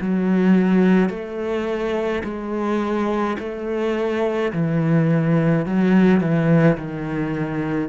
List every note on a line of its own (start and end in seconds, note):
0.00 1.09 F#3
1.09 2.22 A3
2.23 3.37 G#3
3.39 4.52 A3
4.52 5.66 E3
5.66 6.20 F#3
6.20 6.77 E3
6.77 7.88 D#3